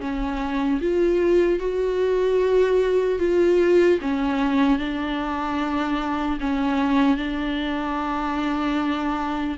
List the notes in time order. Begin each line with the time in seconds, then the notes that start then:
0.00 C#4
0.81 F4
1.59 F#4
3.19 F4
4.01 C#4
4.79 D4
6.40 C#4
7.17 D4